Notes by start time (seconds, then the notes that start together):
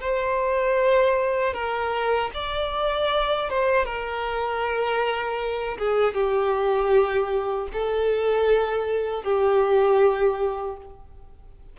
0.00 C5
1.53 A#4
2.34 D5
3.49 C5
3.85 A#4
5.78 G#4
6.14 G4
7.73 A4
9.23 G4